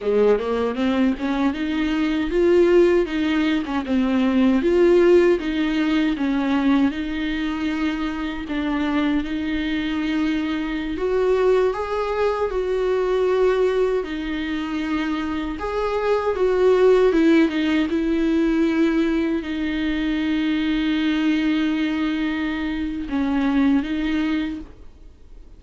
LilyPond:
\new Staff \with { instrumentName = "viola" } { \time 4/4 \tempo 4 = 78 gis8 ais8 c'8 cis'8 dis'4 f'4 | dis'8. cis'16 c'4 f'4 dis'4 | cis'4 dis'2 d'4 | dis'2~ dis'16 fis'4 gis'8.~ |
gis'16 fis'2 dis'4.~ dis'16~ | dis'16 gis'4 fis'4 e'8 dis'8 e'8.~ | e'4~ e'16 dis'2~ dis'8.~ | dis'2 cis'4 dis'4 | }